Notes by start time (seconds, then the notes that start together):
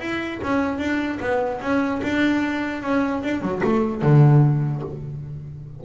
0.00 E4
0.42 C#4
0.78 D4
1.20 B3
1.61 C#4
2.03 D4
2.82 C#4
3.23 D4
3.41 F#3
3.63 A3
4.02 D3